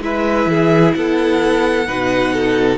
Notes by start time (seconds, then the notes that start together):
0.00 G#3 E4 B4 E5
0.46 E3 G#4
0.94 B3 A4 F#5
1.87 B2 D#4 B4
2.33 A4